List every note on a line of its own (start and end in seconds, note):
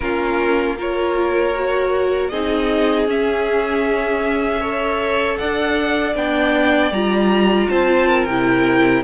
0.00 2.31 A#3
0.00 0.77 C#4
0.00 0.77 F4
0.00 0.77 A#4
0.77 1.54 F4
0.77 2.30 A#4
0.77 2.28 C#5
1.54 2.31 F#4
2.28 3.07 C4
2.28 3.07 D#4
2.28 4.60 G#4
2.28 3.05 D#5
3.07 5.37 C#4
3.07 4.61 C#4
3.07 5.37 E5
4.60 6.15 A4
4.60 5.37 C#5
5.37 6.15 D4
5.37 7.69 D5
5.37 6.14 F#5
6.15 6.91 B3
6.15 6.92 D4
6.15 6.92 G5
6.91 7.68 G3
6.91 8.29 F4
6.91 7.69 A#5
7.69 8.26 C4
7.69 8.07 C5
7.69 8.25 A5
8.07 9.03 A#4
8.25 9.03 C3
8.25 9.03 E4
8.25 9.02 G5